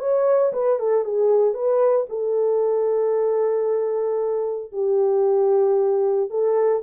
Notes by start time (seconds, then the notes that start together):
0.00 C#5
0.53 B4
0.79 A4
1.05 G#4
1.54 B4
2.10 A4
4.72 G4
6.30 A4